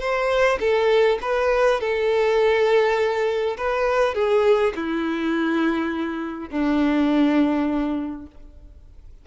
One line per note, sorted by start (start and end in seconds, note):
0.00 0.59 C5
0.60 1.19 A4
1.22 1.80 B4
1.80 3.57 A4
3.57 4.14 B4
4.14 4.73 G#4
4.75 6.50 E4
6.50 8.26 D4